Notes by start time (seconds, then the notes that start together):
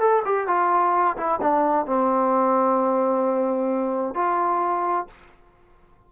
0.00 A4
0.25 G4
0.48 F4
1.17 E4
1.42 D4
1.87 C4
4.15 F4